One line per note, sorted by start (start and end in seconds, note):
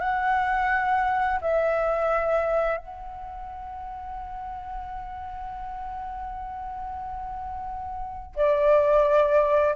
0.00 1.40 F#5
1.41 2.77 E5
2.77 8.35 F#5
8.35 9.75 D5